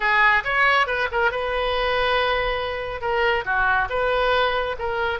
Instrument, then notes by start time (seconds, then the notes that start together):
oboe
0.00 G#4
0.44 C#5
0.86 B4
1.11 A#4
1.31 B4
3.01 A#4
3.45 F#4
3.89 B4
4.78 A#4